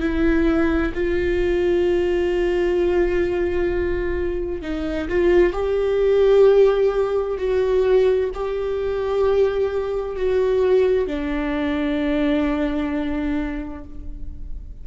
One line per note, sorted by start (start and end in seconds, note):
0.00 0.92 E4
0.94 4.62 F4
4.62 5.09 D#4
5.09 5.53 F4
5.53 7.38 G4
7.38 8.30 F#4
8.35 10.17 G4
10.17 11.07 F#4
11.07 13.84 D4